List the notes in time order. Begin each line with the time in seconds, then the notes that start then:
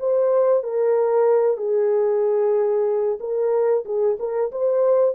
0.00 C5
0.63 A#4
1.57 G#4
3.20 A#4
3.85 G#4
4.19 A#4
4.52 C5